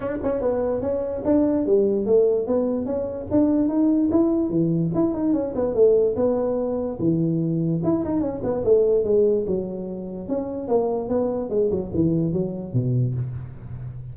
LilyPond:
\new Staff \with { instrumentName = "tuba" } { \time 4/4 \tempo 4 = 146 d'8 cis'8 b4 cis'4 d'4 | g4 a4 b4 cis'4 | d'4 dis'4 e'4 e4 | e'8 dis'8 cis'8 b8 a4 b4~ |
b4 e2 e'8 dis'8 | cis'8 b8 a4 gis4 fis4~ | fis4 cis'4 ais4 b4 | gis8 fis8 e4 fis4 b,4 | }